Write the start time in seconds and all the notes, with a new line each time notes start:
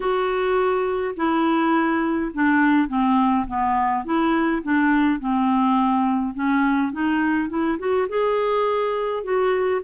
0.00 F#4
1.16 E4
2.34 D4
2.88 C4
3.47 B3
4.04 E4
4.62 D4
5.19 C4
6.34 C#4
6.92 D#4
7.49 E4
7.79 F#4
8.08 G#4
9.23 F#4